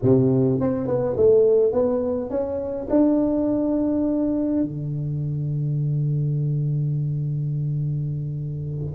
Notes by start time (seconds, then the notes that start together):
0.02 C3
0.60 C4
0.87 B3
1.16 A3
1.72 B3
2.29 C#4
2.90 D4
4.62 D3